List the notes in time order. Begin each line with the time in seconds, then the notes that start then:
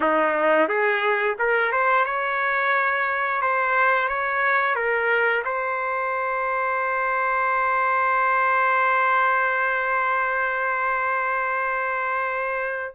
0.00 D#4
0.68 G#4
1.38 A#4
1.71 C5
2.05 C#5
3.41 C5
4.08 C#5
4.75 A#4
5.44 C5